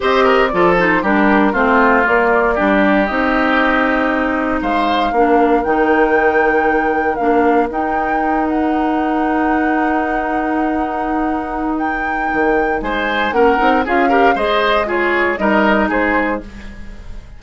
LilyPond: <<
  \new Staff \with { instrumentName = "flute" } { \time 4/4 \tempo 4 = 117 dis''4 d''8 c''8 ais'4 c''4 | d''2 dis''2~ | dis''4 f''2 g''4~ | g''2 f''4 g''4~ |
g''8 fis''2.~ fis''8~ | fis''2. g''4~ | g''4 gis''4 fis''4 f''4 | dis''4 cis''4 dis''4 c''4 | }
  \new Staff \with { instrumentName = "oboe" } { \time 4/4 c''8 ais'8 a'4 g'4 f'4~ | f'4 g'2.~ | g'4 c''4 ais'2~ | ais'1~ |
ais'1~ | ais'1~ | ais'4 c''4 ais'4 gis'8 ais'8 | c''4 gis'4 ais'4 gis'4 | }
  \new Staff \with { instrumentName = "clarinet" } { \time 4/4 g'4 f'8 dis'8 d'4 c'4 | ais4 d'4 dis'2~ | dis'2 d'4 dis'4~ | dis'2 d'4 dis'4~ |
dis'1~ | dis'1~ | dis'2 cis'8 dis'8 f'8 g'8 | gis'4 f'4 dis'2 | }
  \new Staff \with { instrumentName = "bassoon" } { \time 4/4 c'4 f4 g4 a4 | ais4 g4 c'2~ | c'4 gis4 ais4 dis4~ | dis2 ais4 dis'4~ |
dis'1~ | dis'1 | dis4 gis4 ais8 c'8 cis'4 | gis2 g4 gis4 | }
>>